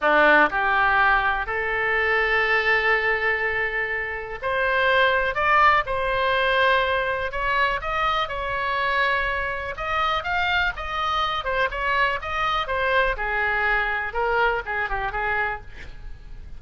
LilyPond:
\new Staff \with { instrumentName = "oboe" } { \time 4/4 \tempo 4 = 123 d'4 g'2 a'4~ | a'1~ | a'4 c''2 d''4 | c''2. cis''4 |
dis''4 cis''2. | dis''4 f''4 dis''4. c''8 | cis''4 dis''4 c''4 gis'4~ | gis'4 ais'4 gis'8 g'8 gis'4 | }